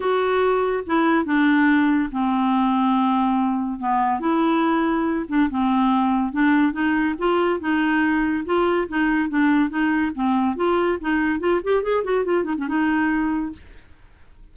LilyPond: \new Staff \with { instrumentName = "clarinet" } { \time 4/4 \tempo 4 = 142 fis'2 e'4 d'4~ | d'4 c'2.~ | c'4 b4 e'2~ | e'8 d'8 c'2 d'4 |
dis'4 f'4 dis'2 | f'4 dis'4 d'4 dis'4 | c'4 f'4 dis'4 f'8 g'8 | gis'8 fis'8 f'8 dis'16 cis'16 dis'2 | }